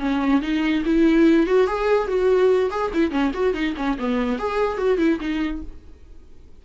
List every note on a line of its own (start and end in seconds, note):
0.00 0.42 C#4
0.42 0.84 D#4
0.86 1.47 E4
1.47 1.68 F#4
1.68 2.08 G#4
2.08 2.71 F#4
2.71 2.92 G#4
2.94 3.12 E4
3.12 3.32 C#4
3.34 3.54 F#4
3.54 3.75 D#4
3.77 3.98 C#4
3.99 4.39 B3
4.39 4.78 G#4
4.78 4.98 F#4
4.98 5.19 E4
5.21 5.62 D#4